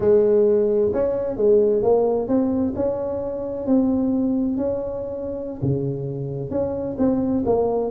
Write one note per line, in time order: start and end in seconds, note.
0.00 0.91 G#3
0.93 1.37 C#4
1.37 1.82 G#3
1.82 2.28 A#3
2.28 2.73 C4
2.75 3.66 C#4
3.66 4.57 C4
4.57 5.60 C#4
5.61 6.50 C#3
6.50 6.96 C#4
6.98 7.44 C4
7.45 7.90 A#3